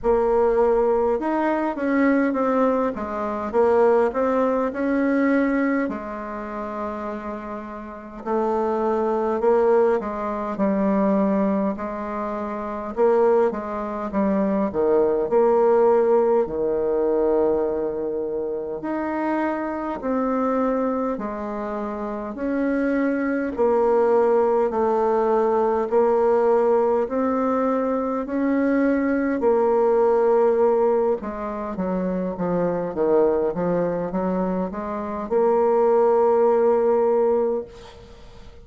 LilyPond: \new Staff \with { instrumentName = "bassoon" } { \time 4/4 \tempo 4 = 51 ais4 dis'8 cis'8 c'8 gis8 ais8 c'8 | cis'4 gis2 a4 | ais8 gis8 g4 gis4 ais8 gis8 | g8 dis8 ais4 dis2 |
dis'4 c'4 gis4 cis'4 | ais4 a4 ais4 c'4 | cis'4 ais4. gis8 fis8 f8 | dis8 f8 fis8 gis8 ais2 | }